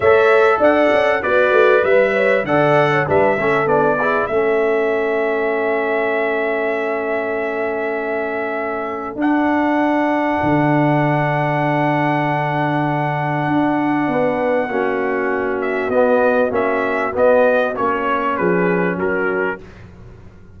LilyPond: <<
  \new Staff \with { instrumentName = "trumpet" } { \time 4/4 \tempo 4 = 98 e''4 fis''4 d''4 e''4 | fis''4 e''4 d''4 e''4~ | e''1~ | e''2. fis''4~ |
fis''1~ | fis''1~ | fis''4. e''8 dis''4 e''4 | dis''4 cis''4 b'4 ais'4 | }
  \new Staff \with { instrumentName = "horn" } { \time 4/4 cis''4 d''4 fis'4 b'8 cis''8 | d''8. cis''16 b'8 a'4 gis'8 a'4~ | a'1~ | a'1~ |
a'1~ | a'2. b'4 | fis'1~ | fis'2 gis'4 fis'4 | }
  \new Staff \with { instrumentName = "trombone" } { \time 4/4 a'2 b'2 | a'4 d'8 cis'8 d'8 e'8 cis'4~ | cis'1~ | cis'2. d'4~ |
d'1~ | d'1 | cis'2 b4 cis'4 | b4 cis'2. | }
  \new Staff \with { instrumentName = "tuba" } { \time 4/4 a4 d'8 cis'8 b8 a8 g4 | d4 g8 a8 b4 a4~ | a1~ | a2. d'4~ |
d'4 d2.~ | d2 d'4 b4 | ais2 b4 ais4 | b4 ais4 f4 fis4 | }
>>